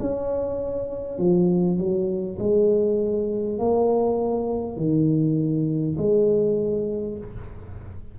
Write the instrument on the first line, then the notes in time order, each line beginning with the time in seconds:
tuba
0.00 C#4
1.18 F3
1.78 F#3
2.39 G#3
3.59 A#3
4.77 D#3
5.98 G#3